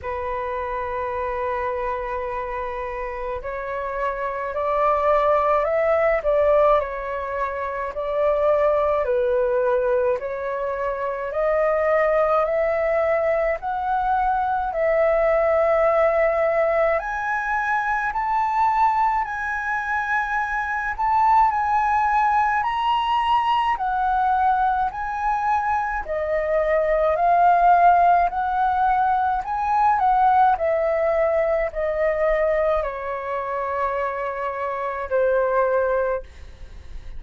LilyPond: \new Staff \with { instrumentName = "flute" } { \time 4/4 \tempo 4 = 53 b'2. cis''4 | d''4 e''8 d''8 cis''4 d''4 | b'4 cis''4 dis''4 e''4 | fis''4 e''2 gis''4 |
a''4 gis''4. a''8 gis''4 | ais''4 fis''4 gis''4 dis''4 | f''4 fis''4 gis''8 fis''8 e''4 | dis''4 cis''2 c''4 | }